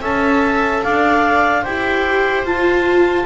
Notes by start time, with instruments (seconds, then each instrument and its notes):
0.00 double bass C#4, viola A4 E5, clarinet A5
0.83 double bass D4, viola D5, clarinet F5
1.61 double bass E4, viola G4 C5, clarinet G5
2.44 double bass F4, viola F4, clarinet A5